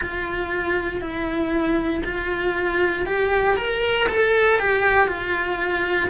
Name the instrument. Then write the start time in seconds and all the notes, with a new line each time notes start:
cello
0.00 F4
1.01 E4
2.04 F4
3.06 G4
3.56 A#4
4.09 A4
4.59 G4
5.07 F4